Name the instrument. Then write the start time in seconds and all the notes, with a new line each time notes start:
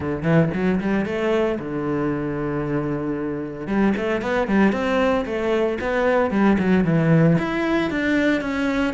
cello
0.00 D3
0.22 E3
0.53 F#3
0.80 G3
1.05 A3
1.59 D3
3.67 G3
3.97 A3
4.21 B3
4.47 G3
4.72 C4
5.25 A3
5.80 B3
6.30 G3
6.58 F#3
6.84 E3
7.38 E4
7.90 D4
8.41 C#4